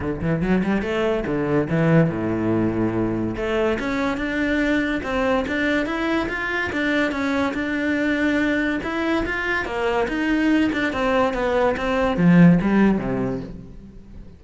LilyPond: \new Staff \with { instrumentName = "cello" } { \time 4/4 \tempo 4 = 143 d8 e8 fis8 g8 a4 d4 | e4 a,2. | a4 cis'4 d'2 | c'4 d'4 e'4 f'4 |
d'4 cis'4 d'2~ | d'4 e'4 f'4 ais4 | dis'4. d'8 c'4 b4 | c'4 f4 g4 c4 | }